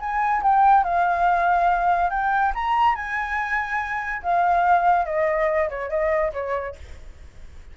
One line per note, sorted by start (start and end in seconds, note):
0.00 0.42 G#5
0.43 0.84 G5
0.84 2.10 F5
2.10 2.53 G5
2.55 2.96 A#5
2.96 4.22 G#5
4.23 5.06 F5
5.06 5.69 D#5
5.70 5.90 C#5
5.90 6.32 D#5
6.33 6.75 C#5